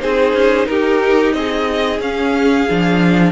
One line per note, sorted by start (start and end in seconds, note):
0.00 0.33 C4
0.00 2.00 D#4
0.00 0.69 G#4
0.00 0.67 C5
0.33 0.67 C#4
0.67 1.34 D#4
0.67 1.36 G4
0.67 1.33 A#4
1.33 1.99 C4
1.33 3.32 G#4
1.33 2.00 D#5
1.99 2.66 C#4
1.99 2.68 C#4
1.99 3.32 F5
2.69 3.32 F3
2.69 3.32 D4